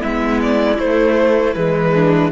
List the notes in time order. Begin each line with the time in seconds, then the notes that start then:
0.00 G#3 B3 E4 E5
0.42 D5
0.79 A3 C5
1.54 E3 G#3 B4
1.93 D4